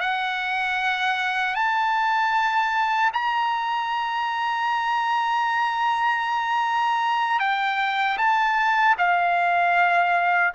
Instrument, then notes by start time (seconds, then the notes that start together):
trumpet
0.00 F#5
1.54 A5
3.13 A#5
7.39 G5
8.17 A5
8.98 F5